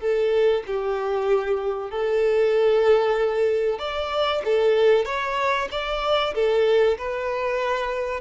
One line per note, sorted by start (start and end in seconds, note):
0.00 0.63 A4
0.67 1.91 G4
1.91 3.79 A4
3.79 4.42 D5
4.45 5.05 A4
5.05 5.68 C#5
5.71 6.34 D5
6.34 6.98 A4
6.98 8.20 B4